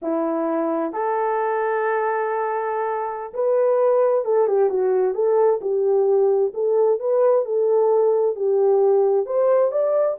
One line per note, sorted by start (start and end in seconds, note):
0.01 0.92 E4
0.92 3.33 A4
3.33 4.24 B4
4.24 4.47 A4
4.47 4.69 G4
4.69 5.14 F#4
5.14 5.60 A4
5.61 6.52 G4
6.54 6.99 A4
6.99 7.45 B4
7.45 8.35 A4
8.35 9.26 G4
9.26 9.71 C5
9.71 10.17 D5